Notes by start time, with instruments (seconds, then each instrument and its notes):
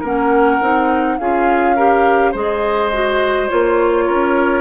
0.00 bassoon A#3, clarinet C#4, oboe A#4, flute F#5
0.61 bassoon C4, clarinet D#4
1.18 bassoon C#4, clarinet F4, oboe G#4, flute F5
1.76 clarinet G4, oboe A#4
2.31 bassoon G#3, clarinet G#4, oboe C5, flute D#5
2.93 clarinet F#4
3.49 bassoon A#3, clarinet F4, flute C#5
4.06 bassoon C#4, oboe A#4